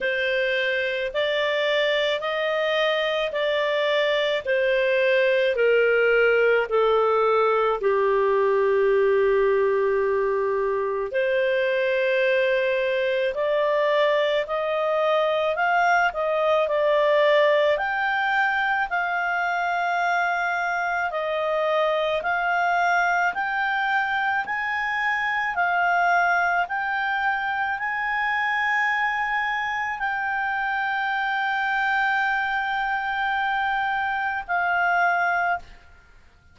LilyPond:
\new Staff \with { instrumentName = "clarinet" } { \time 4/4 \tempo 4 = 54 c''4 d''4 dis''4 d''4 | c''4 ais'4 a'4 g'4~ | g'2 c''2 | d''4 dis''4 f''8 dis''8 d''4 |
g''4 f''2 dis''4 | f''4 g''4 gis''4 f''4 | g''4 gis''2 g''4~ | g''2. f''4 | }